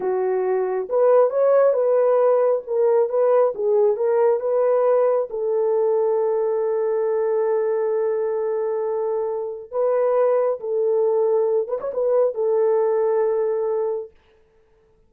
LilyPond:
\new Staff \with { instrumentName = "horn" } { \time 4/4 \tempo 4 = 136 fis'2 b'4 cis''4 | b'2 ais'4 b'4 | gis'4 ais'4 b'2 | a'1~ |
a'1~ | a'2 b'2 | a'2~ a'8 b'16 cis''16 b'4 | a'1 | }